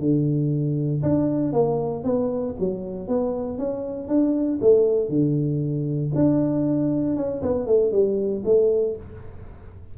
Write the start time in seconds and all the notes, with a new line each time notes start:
0.00 D3
1.03 D4
1.53 A#3
2.04 B3
2.60 F#3
3.08 B3
3.59 C#4
4.09 D4
4.62 A3
5.10 D3
6.16 D4
7.17 C#4
7.43 B3
7.67 A3
7.93 G3
8.45 A3